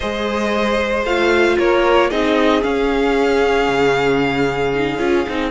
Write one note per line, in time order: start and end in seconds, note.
0.00 1.04 G#3
0.00 1.06 G#4
0.00 1.57 C5
0.00 1.04 D#5
1.04 1.57 A3
1.04 2.11 F4
1.04 1.58 F5
1.58 2.11 A#3
1.58 2.09 A#4
1.58 2.10 C#5
2.09 2.63 C4
2.09 2.62 D#4
2.09 5.51 G#4
2.09 2.63 D#5
2.62 4.73 C#4
2.62 3.68 C#4
2.62 5.51 F5
3.68 4.98 C#3
4.74 4.98 D#4
4.98 5.25 C#4
4.98 5.25 F4
5.29 5.51 C4
5.29 5.51 D#4